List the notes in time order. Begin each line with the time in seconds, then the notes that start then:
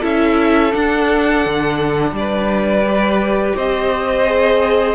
0.00 C#4 E4 A4 E5
0.71 D4 F#5
1.46 D3
2.12 G3 D5
2.19 B4
2.85 G4
3.56 C4 C5 D#5
4.26 G#4